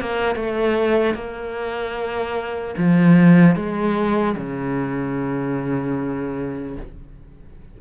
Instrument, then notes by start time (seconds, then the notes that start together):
cello
0.00 A#3
0.35 A3
1.15 A#3
2.77 F3
3.56 G#3
4.36 C#3